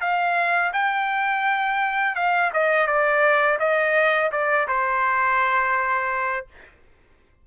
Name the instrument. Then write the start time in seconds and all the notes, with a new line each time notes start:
trumpet
0.00 F5
0.73 G5
2.15 F5
2.53 D#5
2.87 D5
3.59 D#5
4.31 D5
4.68 C5